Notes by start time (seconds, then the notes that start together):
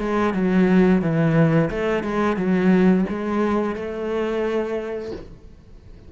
0.00 G#3
0.34 F#3
1.02 E3
1.70 A3
2.04 G#3
2.37 F#3
3.09 G#3
3.76 A3